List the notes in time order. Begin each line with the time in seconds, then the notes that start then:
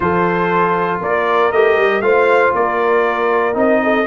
0.00 F3 F4 A4 C5
1.00 A#3 A#4 D5
1.51 A3 G4 D#5
1.76 G3
2.00 A3 F4 C5 F5
2.53 A#3 A#4 D5
3.53 C4 D#4 D#5
3.83 A4